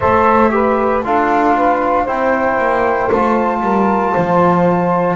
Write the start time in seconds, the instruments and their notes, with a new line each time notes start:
0.00 double bass A3, trombone A4, saxophone C5, flute E5
0.50 trombone G4, saxophone B4
1.03 double bass D4, trombone F4, saxophone A4, flute F5
1.56 saxophone B4
2.03 double bass C4, trombone E4, saxophone C5, flute G5
2.58 double bass A#3
3.11 double bass A3, trombone F4, flute A5
3.60 double bass G3, saxophone A#4
4.12 double bass F3, saxophone C5